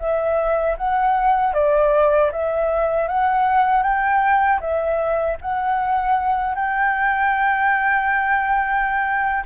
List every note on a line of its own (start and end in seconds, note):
0.00 0.77 E5
0.78 1.54 F#5
1.54 2.31 D5
2.32 3.08 E5
3.08 3.83 F#5
3.83 4.60 G5
4.61 5.38 E5
5.42 6.56 F#5
6.56 9.44 G5